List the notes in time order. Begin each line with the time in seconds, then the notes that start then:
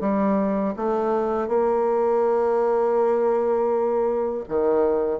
0.00 G3
0.76 A3
1.47 A#3
4.48 D#3